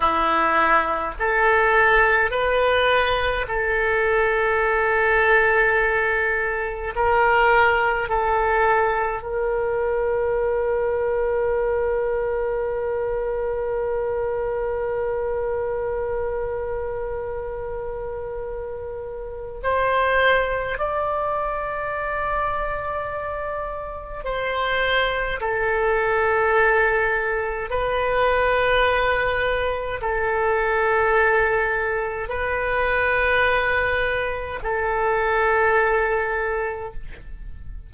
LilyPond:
\new Staff \with { instrumentName = "oboe" } { \time 4/4 \tempo 4 = 52 e'4 a'4 b'4 a'4~ | a'2 ais'4 a'4 | ais'1~ | ais'1~ |
ais'4 c''4 d''2~ | d''4 c''4 a'2 | b'2 a'2 | b'2 a'2 | }